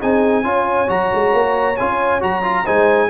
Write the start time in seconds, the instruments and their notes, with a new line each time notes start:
0.00 tuba C4, trombone D#4, horn G#4, trumpet G#5
0.44 tuba C#4, trombone F4, horn C#5
0.87 tuba F#3, trombone F#4, trumpet A#5
1.14 tuba G#3
1.33 tuba A#3
1.76 tuba C#4, trombone F4, trumpet G#5
2.20 tuba F#3, trombone F#4, trumpet A#5
2.43 trombone F4
2.64 tuba G#3, trombone D#4, horn C5, trumpet G#5